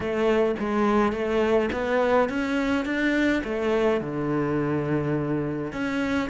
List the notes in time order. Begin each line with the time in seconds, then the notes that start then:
0.00 A3
0.59 G#3
1.12 A3
1.72 B3
2.29 C#4
2.85 D4
3.44 A3
4.01 D3
5.72 C#4